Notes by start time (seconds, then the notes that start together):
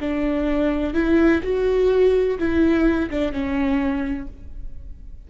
0.00 D4
0.93 E4
1.43 F#4
2.38 E4
3.10 D4
3.32 C#4